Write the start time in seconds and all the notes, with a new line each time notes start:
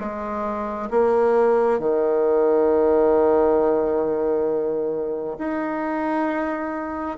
0.00 G#3
0.91 A#3
1.80 D#3
5.39 D#4